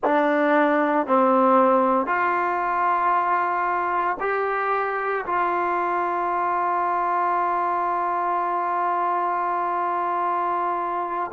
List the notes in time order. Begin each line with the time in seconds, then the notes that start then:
0.03 D4
1.06 C4
2.06 F4
4.20 G4
5.26 F4